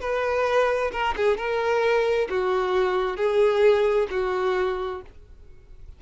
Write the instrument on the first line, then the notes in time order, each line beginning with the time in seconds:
violin
0.00 B4
0.92 A#4
1.16 G#4
1.37 A#4
2.29 F#4
3.17 G#4
4.10 F#4